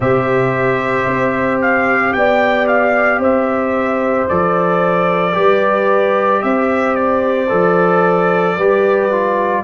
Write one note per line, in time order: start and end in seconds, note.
0.00 1.05 C3
0.00 4.29 G4
0.00 2.12 C5
0.00 1.61 E5
1.06 2.14 C4
1.61 2.13 F5
2.13 3.18 B3
2.13 3.19 D5
2.13 2.67 G5
2.67 3.21 F5
3.18 4.25 C4
3.18 5.34 C5
3.18 4.28 E5
4.28 5.36 F3
4.28 5.32 A4
4.28 6.42 D5
5.32 6.43 G3
5.32 7.47 G4
5.32 6.43 B4
6.42 7.50 C4
6.42 8.57 C5
6.42 6.95 E5
6.95 9.63 D5
7.49 8.57 F3
7.49 8.56 A4
8.57 9.64 G3
8.57 9.11 G4
8.57 9.64 B4
9.11 9.64 F4